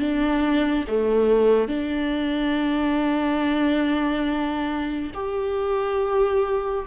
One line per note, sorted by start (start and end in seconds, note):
0.00 0.86 D4
0.88 1.69 A3
1.69 5.12 D4
5.15 6.86 G4